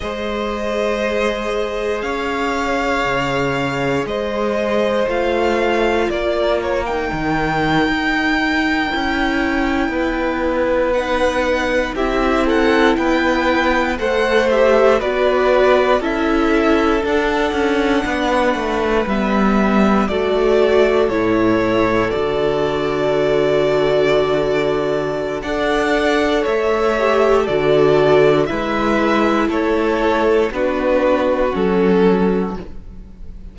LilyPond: <<
  \new Staff \with { instrumentName = "violin" } { \time 4/4 \tempo 4 = 59 dis''2 f''2 | dis''4 f''4 d''8 cis''16 g''4~ g''16~ | g''2~ g''8. fis''4 e''16~ | e''16 fis''8 g''4 fis''8 e''8 d''4 e''16~ |
e''8. fis''2 e''4 d''16~ | d''8. cis''4 d''2~ d''16~ | d''4 fis''4 e''4 d''4 | e''4 cis''4 b'4 a'4 | }
  \new Staff \with { instrumentName = "violin" } { \time 4/4 c''2 cis''2 | c''2 ais'2~ | ais'4.~ ais'16 b'2 g'16~ | g'16 a'8 b'4 c''4 b'4 a'16~ |
a'4.~ a'16 b'2 a'16~ | a'1~ | a'4 d''4 cis''4 a'4 | b'4 a'4 fis'2 | }
  \new Staff \with { instrumentName = "viola" } { \time 4/4 gis'1~ | gis'4 f'4.~ f'16 dis'4~ dis'16~ | dis'8. e'2 dis'4 e'16~ | e'4.~ e'16 a'8 g'8 fis'4 e'16~ |
e'8. d'2 b4 fis'16~ | fis'8. e'4 fis'2~ fis'16~ | fis'4 a'4. g'8 fis'4 | e'2 d'4 cis'4 | }
  \new Staff \with { instrumentName = "cello" } { \time 4/4 gis2 cis'4 cis4 | gis4 a4 ais4 dis8. dis'16~ | dis'8. cis'4 b2 c'16~ | c'8. b4 a4 b4 cis'16~ |
cis'8. d'8 cis'8 b8 a8 g4 a16~ | a8. a,4 d2~ d16~ | d4 d'4 a4 d4 | gis4 a4 b4 fis4 | }
>>